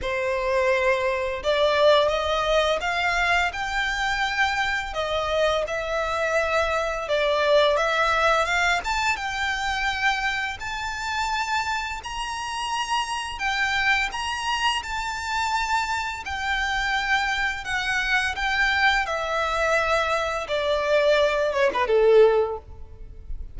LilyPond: \new Staff \with { instrumentName = "violin" } { \time 4/4 \tempo 4 = 85 c''2 d''4 dis''4 | f''4 g''2 dis''4 | e''2 d''4 e''4 | f''8 a''8 g''2 a''4~ |
a''4 ais''2 g''4 | ais''4 a''2 g''4~ | g''4 fis''4 g''4 e''4~ | e''4 d''4. cis''16 b'16 a'4 | }